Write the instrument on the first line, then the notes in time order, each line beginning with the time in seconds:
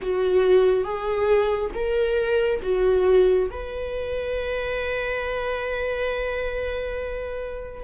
viola
0.01 F#4
0.83 G#4
1.74 A#4
2.62 F#4
3.50 B4